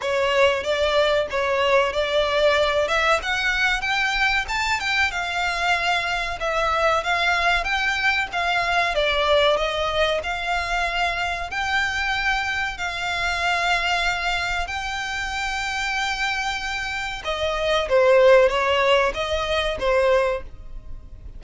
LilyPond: \new Staff \with { instrumentName = "violin" } { \time 4/4 \tempo 4 = 94 cis''4 d''4 cis''4 d''4~ | d''8 e''8 fis''4 g''4 a''8 g''8 | f''2 e''4 f''4 | g''4 f''4 d''4 dis''4 |
f''2 g''2 | f''2. g''4~ | g''2. dis''4 | c''4 cis''4 dis''4 c''4 | }